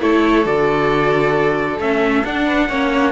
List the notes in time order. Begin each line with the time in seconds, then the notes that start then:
0.00 A3 E4 A4 C#5
0.44 D3 F#4 D5
1.78 A3 C#4 E5
2.24 D4 F#5
2.44 B4
2.68 A#3 C#4 C#5